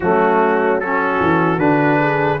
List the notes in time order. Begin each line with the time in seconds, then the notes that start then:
0.00 F#3 A3 C#4 F#4
0.80 C#4 F#4 A4
1.20 E3
1.57 D3 D4 B4
2.00 G#4